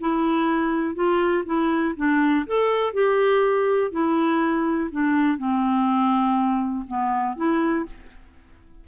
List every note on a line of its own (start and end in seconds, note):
0.00 0.95 E4
0.95 1.44 F4
1.45 1.94 E4
1.96 2.45 D4
2.46 2.93 A4
2.93 3.91 G4
3.91 4.89 E4
4.91 5.38 D4
5.38 6.85 C4
6.87 7.36 B3
7.36 7.85 E4